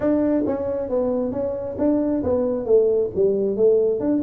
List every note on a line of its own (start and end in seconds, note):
0.00 0.43 D4
0.46 0.89 C#4
0.89 1.32 B3
1.32 1.76 C#4
1.78 2.22 D4
2.23 2.65 B3
2.65 3.09 A3
3.15 3.56 G3
3.56 4.00 A3
4.00 4.22 D4